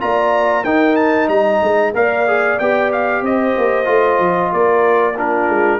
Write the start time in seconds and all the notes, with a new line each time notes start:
0.00 A#3 F4 D5 A#5
0.64 D#4 A#4 G5
0.96 A5
1.28 G3 D#5 A#5
1.63 G#3
1.94 A#3 A#4 D5 F5
2.27 G#4
2.59 B3 G4 G5
2.92 F5
3.22 C4 C5 D#5
3.58 A#3
3.85 A3 F4
4.20 F3
4.52 A#3 A#4 D5
5.17 D4 F4 A#4
5.49 G#3